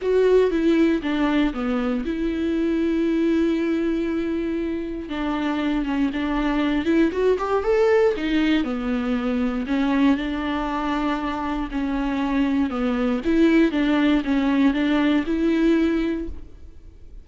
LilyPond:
\new Staff \with { instrumentName = "viola" } { \time 4/4 \tempo 4 = 118 fis'4 e'4 d'4 b4 | e'1~ | e'2 d'4. cis'8 | d'4. e'8 fis'8 g'8 a'4 |
dis'4 b2 cis'4 | d'2. cis'4~ | cis'4 b4 e'4 d'4 | cis'4 d'4 e'2 | }